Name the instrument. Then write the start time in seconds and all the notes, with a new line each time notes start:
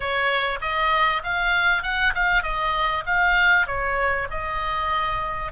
oboe
0.00 C#5
0.61 D#5
1.23 F5
1.82 F#5
2.14 F5
2.42 D#5
3.06 F5
3.66 C#5
4.30 D#5